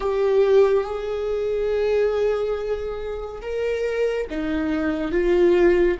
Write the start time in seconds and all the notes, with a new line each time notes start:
0.00 G4
0.84 G#4
3.41 A#4
4.29 D#4
5.11 F4